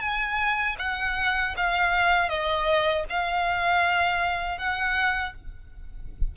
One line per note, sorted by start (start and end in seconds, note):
0.00 0.76 G#5
0.79 1.55 F#5
1.57 2.29 F5
2.29 3.05 D#5
3.10 4.58 F5
4.58 5.34 F#5